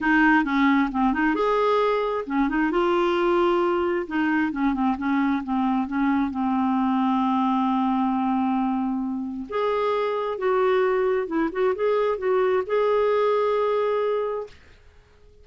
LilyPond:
\new Staff \with { instrumentName = "clarinet" } { \time 4/4 \tempo 4 = 133 dis'4 cis'4 c'8 dis'8 gis'4~ | gis'4 cis'8 dis'8 f'2~ | f'4 dis'4 cis'8 c'8 cis'4 | c'4 cis'4 c'2~ |
c'1~ | c'4 gis'2 fis'4~ | fis'4 e'8 fis'8 gis'4 fis'4 | gis'1 | }